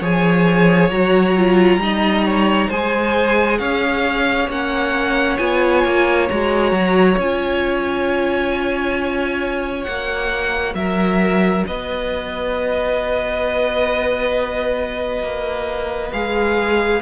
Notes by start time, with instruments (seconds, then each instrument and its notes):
0.00 cello F3, viola G#4, violin C#5 G#5
0.90 cello F#3, viola F#4, violin A#5
1.37 viola F4
1.77 cello G3, viola D#4, violin D#5
2.26 violin C#5
2.69 cello G#3, viola G#4, violin C5 G#5
3.59 cello C#4, violin C#5 F5
4.49 cello A#3, viola C#4, violin F#5
5.38 cello B3, viola F4, violin G#5
5.85 cello A#3
6.29 cello G#3, viola F#4, violin A#5
6.72 cello F#3
7.18 cello C#4, viola F4, violin G#5
9.84 cello A#3, viola F#4, violin F#5
10.75 cello F#3, violin A#4 E5
11.67 cello B3, violin B4 D#5
15.23 cello A#3
16.13 cello G#3, viola G#4, violin F5